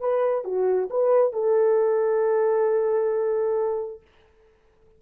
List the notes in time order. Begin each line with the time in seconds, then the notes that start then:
0.00 B4
0.44 F#4
0.90 B4
1.33 A4